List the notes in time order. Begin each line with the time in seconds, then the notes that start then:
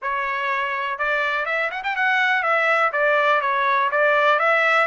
0.02 C#5
0.98 D5
1.45 E5
1.70 F#5
1.83 G5
1.96 F#5
2.43 E5
2.92 D5
3.41 C#5
3.91 D5
4.39 E5